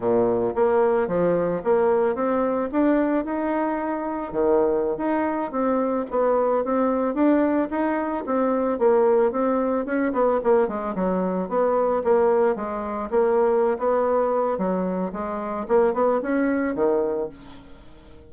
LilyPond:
\new Staff \with { instrumentName = "bassoon" } { \time 4/4 \tempo 4 = 111 ais,4 ais4 f4 ais4 | c'4 d'4 dis'2 | dis4~ dis16 dis'4 c'4 b8.~ | b16 c'4 d'4 dis'4 c'8.~ |
c'16 ais4 c'4 cis'8 b8 ais8 gis16~ | gis16 fis4 b4 ais4 gis8.~ | gis16 ais4~ ais16 b4. fis4 | gis4 ais8 b8 cis'4 dis4 | }